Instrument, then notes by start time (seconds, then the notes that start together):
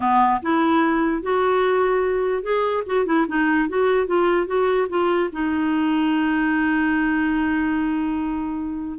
clarinet
0.00 B3
0.41 E4
1.22 F#4
2.42 G#4
2.86 F#4
3.06 E4
3.27 D#4
3.68 F#4
4.06 F4
4.47 F#4
4.89 F4
5.32 D#4